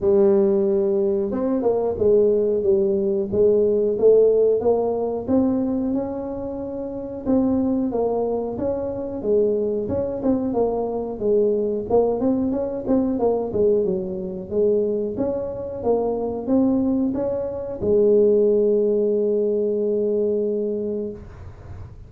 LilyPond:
\new Staff \with { instrumentName = "tuba" } { \time 4/4 \tempo 4 = 91 g2 c'8 ais8 gis4 | g4 gis4 a4 ais4 | c'4 cis'2 c'4 | ais4 cis'4 gis4 cis'8 c'8 |
ais4 gis4 ais8 c'8 cis'8 c'8 | ais8 gis8 fis4 gis4 cis'4 | ais4 c'4 cis'4 gis4~ | gis1 | }